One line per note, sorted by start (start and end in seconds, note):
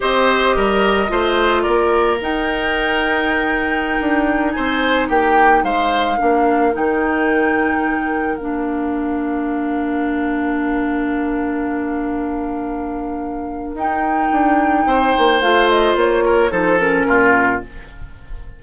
0.00 0.56 C4
0.00 1.08 G4
0.00 0.56 C5
0.00 1.61 D#5
0.56 1.10 G3
0.56 1.11 A#4
1.08 1.65 A3
1.08 2.18 F4
1.08 1.62 C5
1.61 2.20 A#3
1.61 4.51 A#4
1.61 2.17 D5
2.20 3.99 D#4
2.20 6.18 D#4
2.20 4.51 G5
4.00 4.55 D4
4.51 5.09 C4
4.51 5.08 C5
4.51 5.06 G#5
5.08 5.63 A#3
5.08 5.63 G4
5.08 5.64 G5
5.63 6.18 G#3
5.63 6.18 C5
5.63 6.74 F5
6.18 6.75 A#3
6.18 6.72 D4
6.18 14.85 A#4
6.72 8.39 D#3
6.72 8.37 D#4
6.72 8.37 G5
8.37 13.74 A#3
8.37 13.76 D4
8.37 13.73 F5
13.74 14.29 D#4
13.74 15.41 D#4
13.74 15.41 G5
14.32 14.86 D4
14.86 15.13 C4
14.86 16.24 C5
15.18 15.41 A#3
15.41 15.95 A3
15.41 16.50 F4
15.41 15.69 F5
15.69 15.96 D#5
15.95 16.50 A#3
15.95 16.51 C#5
16.25 16.51 A#4
16.50 17.06 F3
16.50 16.77 D#4
16.50 17.06 A4
16.50 16.79 C5
16.78 17.61 C#4
16.78 17.61 A#4
17.07 17.62 A#2
17.07 17.62 F4